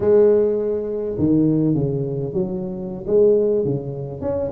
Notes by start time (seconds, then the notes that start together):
0.00 G#3
1.18 D#3
1.74 C#3
2.33 F#3
3.07 G#3
3.64 C#3
4.21 C#4